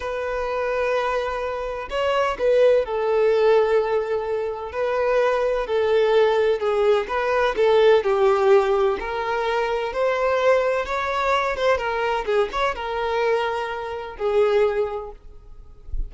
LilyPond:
\new Staff \with { instrumentName = "violin" } { \time 4/4 \tempo 4 = 127 b'1 | cis''4 b'4 a'2~ | a'2 b'2 | a'2 gis'4 b'4 |
a'4 g'2 ais'4~ | ais'4 c''2 cis''4~ | cis''8 c''8 ais'4 gis'8 cis''8 ais'4~ | ais'2 gis'2 | }